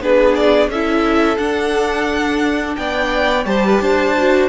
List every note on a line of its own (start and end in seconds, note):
0.00 0.68 B3
0.00 0.71 D4
0.00 0.71 G#4
0.00 0.35 B4
0.35 0.69 D5
0.68 1.37 C#4
0.68 1.37 E4
0.68 2.78 A4
0.68 1.37 E5
1.37 3.44 D4
1.37 2.77 D4
1.37 2.75 F#5
2.76 3.46 B3
2.76 3.48 D5
2.76 3.45 G5
3.46 3.80 G3
3.46 4.15 G4
3.46 3.65 C5
3.46 4.49 A5
3.65 3.81 B4
3.81 4.49 D4
3.81 4.49 C5
4.17 4.49 F#4